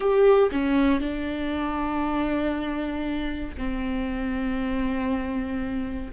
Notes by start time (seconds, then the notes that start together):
0.00 G4
0.51 C#4
1.00 D4
3.57 C4